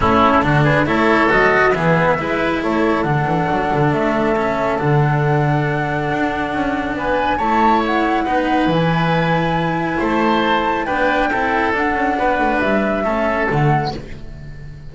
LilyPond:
<<
  \new Staff \with { instrumentName = "flute" } { \time 4/4 \tempo 4 = 138 a'4. b'8 cis''4 dis''4 | e''2 cis''4 fis''4~ | fis''4 e''2 fis''4~ | fis''1 |
gis''4 a''4 fis''2 | gis''2. a''4~ | a''4 g''2 fis''4~ | fis''4 e''2 fis''4 | }
  \new Staff \with { instrumentName = "oboe" } { \time 4/4 e'4 fis'8 gis'8 a'2 | gis'4 b'4 a'2~ | a'1~ | a'1 |
b'4 cis''2 b'4~ | b'2. c''4~ | c''4 b'4 a'2 | b'2 a'2 | }
  \new Staff \with { instrumentName = "cello" } { \time 4/4 cis'4 d'4 e'4 fis'4 | b4 e'2 d'4~ | d'2 cis'4 d'4~ | d'1~ |
d'4 e'2 dis'4 | e'1~ | e'4 d'4 e'4 d'4~ | d'2 cis'4 a4 | }
  \new Staff \with { instrumentName = "double bass" } { \time 4/4 a4 d4 a4 fis4 | e4 gis4 a4 d8 e8 | fis8 d8 a2 d4~ | d2 d'4 cis'4 |
b4 a2 b4 | e2. a4~ | a4 b4 c'4 d'8 cis'8 | b8 a8 g4 a4 d4 | }
>>